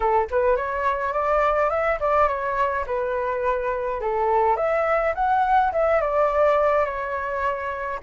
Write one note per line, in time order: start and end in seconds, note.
0.00 0.28 A4
0.30 0.56 B4
0.56 1.12 C#5
1.12 1.70 D5
1.70 1.98 E5
1.99 2.28 D5
2.28 2.85 C#5
2.86 4.00 B4
4.00 4.56 A4
4.56 5.13 E5
5.15 5.72 F#5
5.72 6.01 E5
6.01 6.85 D5
6.85 7.99 C#5